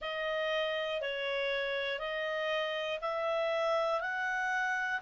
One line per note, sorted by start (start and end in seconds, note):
0.01 1.00 D#5
1.00 1.99 C#5
1.99 2.99 D#5
3.01 4.00 E5
4.00 5.00 F#5